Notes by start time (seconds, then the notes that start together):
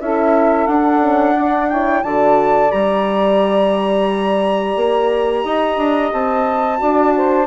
0.00 C#4 E4 A4 E5
0.67 D4 F#5
1.00 C#4
1.34 D4 D5
1.69 E4 C#5 G5
2.03 D3 F#4 D5 A5
2.69 G3 G4 A#5
4.76 A#3
5.43 D#4 D#5
5.77 D4
6.12 C4 A5
6.77 D4 F#4 D5
7.17 C5